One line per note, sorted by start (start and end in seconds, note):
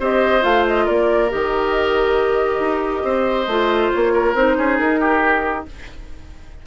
0.00 0.43 C4
0.00 0.42 G4
0.00 0.86 C5
0.00 0.44 D#5
0.42 0.88 A3
0.42 1.29 F4
0.42 0.65 F5
0.67 0.87 D#5
0.86 1.32 A#3
0.86 3.03 A#4
0.86 1.31 D5
1.30 2.59 D#3
1.30 3.47 G4
1.30 3.92 D#5
2.59 3.03 D#4
3.04 3.47 C4
3.04 4.14 C5
3.47 3.91 A3
3.47 4.36 F4
3.92 4.34 A#3
3.92 4.36 C#5
4.14 4.57 A#4
4.34 4.56 C4
4.34 5.66 D#4
4.34 4.79 C5
4.58 4.79 C#4
4.58 5.00 G#4
4.79 5.67 D#4
4.79 5.65 A#4
5.00 5.65 G4